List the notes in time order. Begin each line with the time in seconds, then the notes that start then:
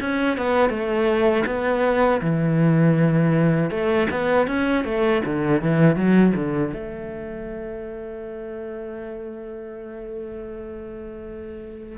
0.00 C#4
0.38 B3
0.70 A3
1.46 B3
2.21 E3
3.71 A3
4.10 B3
4.47 C#4
4.85 A3
5.25 D3
5.62 E3
5.96 F#3
6.36 D3
6.74 A3